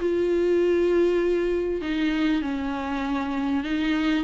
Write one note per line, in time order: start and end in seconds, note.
0.00 1.81 F4
1.81 2.42 D#4
2.42 3.64 C#4
3.64 4.24 D#4